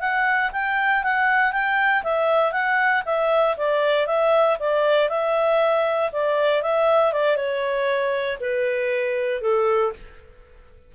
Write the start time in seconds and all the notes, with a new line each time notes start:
0.00 F#5
0.52 G5
1.03 F#5
1.52 G5
2.03 E5
2.52 F#5
3.06 E5
3.57 D5
4.07 E5
4.59 D5
5.09 E5
6.12 D5
6.62 E5
7.12 D5
7.36 C#5
8.40 B4
9.42 A4